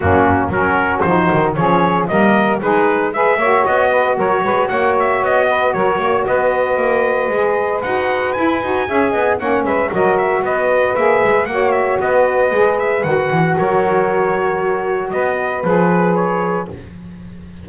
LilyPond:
<<
  \new Staff \with { instrumentName = "trumpet" } { \time 4/4 \tempo 4 = 115 fis'4 ais'4 c''4 cis''4 | dis''4 b'4 e''4 dis''4 | cis''4 fis''8 e''8 dis''4 cis''4 | dis''2. fis''4 |
gis''2 fis''8 e''8 dis''8 e''8 | dis''4 e''4 fis''8 e''8 dis''4~ | dis''8 e''8 fis''4 cis''2~ | cis''4 dis''4 b'4 cis''4 | }
  \new Staff \with { instrumentName = "saxophone" } { \time 4/4 cis'4 fis'2 gis'4 | ais'4 gis'4 b'8 cis''4 b'8 | ais'8 b'8 cis''4. b'8 ais'8 cis''8 | b'1~ |
b'4 e''8 dis''8 cis''8 b'8 ais'4 | b'2 cis''4 b'4~ | b'2 ais'2~ | ais'4 b'2. | }
  \new Staff \with { instrumentName = "saxophone" } { \time 4/4 ais4 cis'4 dis'4 cis'4 | ais4 dis'4 gis'8 fis'4.~ | fis'1~ | fis'2 gis'4 fis'4 |
e'8 fis'8 gis'4 cis'4 fis'4~ | fis'4 gis'4 fis'2 | gis'4 fis'2.~ | fis'2 gis'2 | }
  \new Staff \with { instrumentName = "double bass" } { \time 4/4 fis,4 fis4 f8 dis8 f4 | g4 gis4. ais8 b4 | fis8 gis8 ais4 b4 fis8 ais8 | b4 ais4 gis4 dis'4 |
e'8 dis'8 cis'8 b8 ais8 gis8 fis4 | b4 ais8 gis8 ais4 b4 | gis4 dis8 e8 fis2~ | fis4 b4 f2 | }
>>